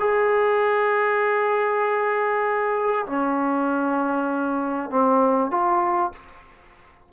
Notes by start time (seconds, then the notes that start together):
0.00 G#4
3.07 C#4
4.90 C4
5.51 F4